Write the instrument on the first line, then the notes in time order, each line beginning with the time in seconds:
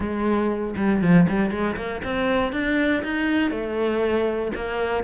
cello
0.00 G#3
0.76 G3
1.01 F3
1.28 G3
1.50 G#3
1.76 A#3
2.04 C4
2.52 D4
3.03 D#4
3.50 A3
4.55 A#3